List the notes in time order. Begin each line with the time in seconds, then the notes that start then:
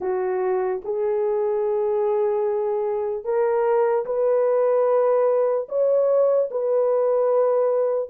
0.00 F#4
0.84 G#4
3.24 A#4
4.05 B4
5.68 C#5
6.50 B4